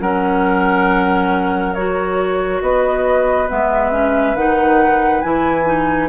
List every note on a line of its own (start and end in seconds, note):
0.00 2.61 F#3
0.00 1.75 C#4
0.00 2.62 A#4
0.00 1.74 F#5
1.74 3.48 F#4
1.74 2.61 C#5
2.61 3.48 B3
2.61 6.09 B4
2.61 3.49 D#5
3.48 4.34 G#3
3.48 3.91 B3
3.48 4.36 E5
3.91 4.35 C#4
4.34 5.21 D#3
4.34 5.23 D#4
4.34 5.21 F#5
5.21 6.09 E3
5.21 5.66 E4
5.21 6.08 G#5
5.66 6.09 D#4